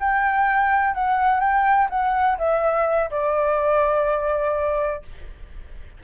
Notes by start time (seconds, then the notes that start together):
0.00 G5
0.94 F#5
1.41 G5
1.90 F#5
2.38 E5
3.11 D5